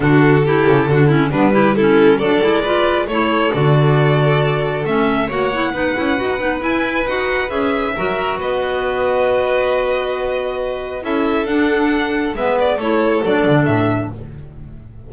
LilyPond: <<
  \new Staff \with { instrumentName = "violin" } { \time 4/4 \tempo 4 = 136 a'2. b'4 | a'4 d''2 cis''4 | d''2. e''4 | fis''2. gis''4 |
fis''4 e''2 dis''4~ | dis''1~ | dis''4 e''4 fis''2 | e''8 d''8 cis''4 d''4 e''4 | }
  \new Staff \with { instrumentName = "violin" } { \time 4/4 fis'4 g'4 fis'8 e'8 d'8 g'8 | e'4 a'4 b'4 a'4~ | a'1 | cis''4 b'2.~ |
b'2 ais'4 b'4~ | b'1~ | b'4 a'2. | b'4 a'2. | }
  \new Staff \with { instrumentName = "clarinet" } { \time 4/4 d'4 e'4 d'8 cis'8 b8 e'8 | cis'4 d'8 e'8 f'4 e'4 | fis'2. cis'4 | fis'8 e'8 dis'8 e'8 fis'8 dis'8 e'4 |
fis'4 gis'4 fis'2~ | fis'1~ | fis'4 e'4 d'2 | b4 e'4 d'2 | }
  \new Staff \with { instrumentName = "double bass" } { \time 4/4 d4. cis8 d4 g4~ | g4 fis8 gis4. a4 | d2. a4 | ais4 b8 cis'8 dis'8 b8 e'4 |
dis'4 cis'4 fis4 b4~ | b1~ | b4 cis'4 d'2 | gis4 a4 fis8 d8 a,4 | }
>>